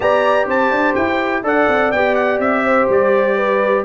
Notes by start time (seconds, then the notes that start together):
0.00 B3 G4 D5 A#5
0.46 C4 C5 A5
0.70 D4
0.95 E4 G5
1.43 D4 A4 D5 F#5
1.68 C4
1.91 B3 G4 G5
2.15 F#5
2.39 C4 E5
2.64 C5
2.89 G3 D5
3.35 B4